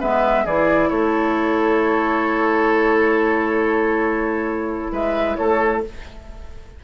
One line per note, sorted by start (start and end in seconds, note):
0.00 0.45 G#3
0.00 0.46 B3
0.00 0.45 B4
0.00 0.46 E5
0.45 0.90 E3
0.45 5.84 E4
0.45 0.89 G#4
0.45 0.89 D5
0.89 4.92 A3
0.89 4.92 A4
0.89 4.92 C#5
4.92 5.36 G#3
4.92 5.37 B4
4.92 5.36 E5
5.36 5.84 A3
5.36 5.83 A4
5.36 5.80 C#5